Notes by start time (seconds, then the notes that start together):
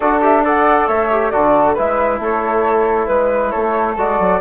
0.00 D4 F#4 A4 D5
0.21 G4 E5
0.44 A4 D5 F#5
0.87 A3 C#5 E5
1.11 G4
1.30 D3 F#4 A4 D5
1.74 G#3 E4 B4 E5
2.19 A3 A4 C#5
3.06 G#3 B4
3.50 A3 A4 C#5
3.96 G#3 F#4 D5
4.19 F#3